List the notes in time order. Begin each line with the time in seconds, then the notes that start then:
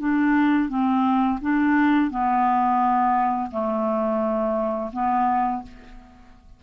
0.00 D4
0.69 C4
1.42 D4
2.11 B3
3.51 A3
4.93 B3